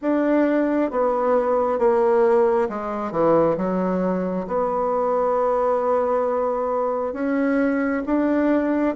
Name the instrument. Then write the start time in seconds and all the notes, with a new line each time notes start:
bassoon
0.01 D4
0.90 B3
1.79 A#3
2.69 G#3
3.11 E3
3.57 F#3
4.47 B3
7.13 C#4
8.06 D4